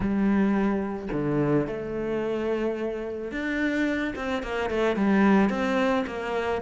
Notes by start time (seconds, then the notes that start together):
0.00 G3
1.12 D3
1.66 A3
3.31 D4
4.15 C4
4.43 A#3
4.70 A3
4.96 G3
5.49 C4
6.07 A#3